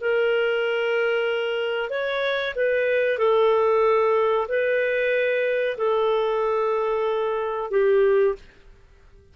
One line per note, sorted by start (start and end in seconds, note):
0.00 1.89 A#4
1.89 2.54 C#5
2.55 3.18 B4
3.18 4.47 A4
4.48 5.77 B4
5.77 7.70 A4
7.70 8.35 G4